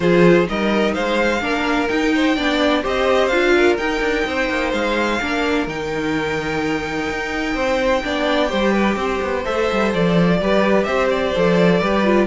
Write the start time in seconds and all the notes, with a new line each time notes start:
0.00 F3 F4 G#4 C5
0.45 G3 D#4 A#4 D#5
0.93 G#3 C5 F5
1.40 A#3 D4 A#4
1.88 D#4 G5
2.14 C5
2.36 B3 D4 D5
2.82 C4 G4 C5 D#5
3.27 D4 F4 F5
3.56 A#4
3.77 D#4 G5
4.00 D4
4.26 C4 C5
4.49 A#3
4.72 G#3 F5
5.21 A#3 D4 A#4
5.67 D#3 D#4 G5
7.09 D#4
7.54 C4 C5
8.03 B3 D4 D5
8.48 G3 G4 C5
8.72 B4
8.96 C4 C5
9.22 B3
9.44 A3 A4 E5
9.71 G3
9.93 F3 D5
10.40 G3 G4 B4
10.84 C4 C5 E5
11.09 D5
11.35 F3 A4
11.80 G3 G4 B4
12.04 F4